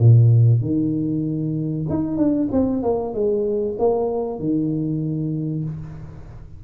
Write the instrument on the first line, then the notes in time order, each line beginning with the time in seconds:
tuba
0.00 A#2
0.62 D#3
1.90 D#4
2.18 D4
2.52 C4
2.83 A#3
3.14 G#3
3.79 A#3
4.40 D#3